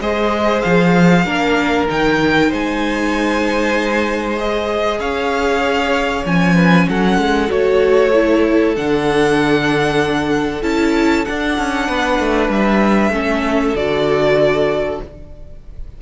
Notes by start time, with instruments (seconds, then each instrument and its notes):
0.00 cello G#3, viola G#4, violin C5 D#5
0.61 cello F3, violin F5
1.25 cello A#3, viola D4, violin A#4
1.88 cello D#3, viola D#4, violin G5
2.49 cello G#3, violin C5 G#5
4.37 viola G#4, violin D#5
4.99 cello C#4, violin C#5 F5
6.25 cello F3, viola C#4, violin G#5
6.55 violin B4
6.88 cello F#3, violin A4 F#5
7.18 cello G#3
7.48 cello A3, viola F#4, violin C#5
8.13 viola E4
8.75 cello D3, viola D4, violin F#5
10.62 cello C#4, viola E4, violin A5
11.25 viola D4, cello D4, violin F#5
11.58 cello C#4
11.87 cello B3, violin B4
12.19 cello A3
12.48 cello G3, violin E5
13.10 cello A3, viola C#4, violin A4
13.74 cello D3, viola F#4, violin D5